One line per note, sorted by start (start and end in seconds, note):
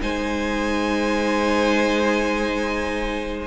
0.00 3.46 G#3
0.00 3.46 D#4
0.00 3.46 C5
0.00 3.46 G#5